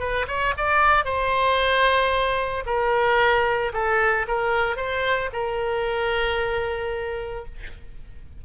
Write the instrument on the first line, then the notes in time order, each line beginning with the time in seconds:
oboe
0.00 B4
0.28 C#5
0.57 D5
1.05 C5
2.66 A#4
3.74 A4
4.28 A#4
4.77 C5
5.33 A#4